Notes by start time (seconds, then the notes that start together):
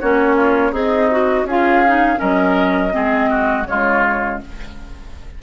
0.00 A#3 C#4 F#4 C#5
0.36 F4
0.71 C4 D#4 G#4 D#5
1.11 F#4
1.43 C#4 G#4 F5
1.49 F4
1.87 D#4
2.16 F#3 C#4 A#4 D#5
2.91 G#3 C4 G#4
3.30 F#4
3.65 C#3 G#3 F4 C#5